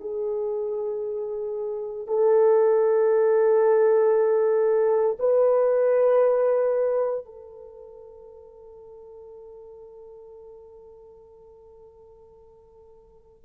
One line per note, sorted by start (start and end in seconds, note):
0.00 2.07 G#4
2.07 5.17 A4
5.19 7.25 B4
7.25 13.44 A4